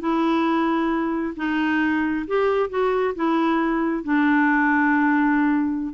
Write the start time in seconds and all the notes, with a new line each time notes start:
0.00 E4
1.36 D#4
2.27 G4
2.70 F#4
3.15 E4
4.04 D4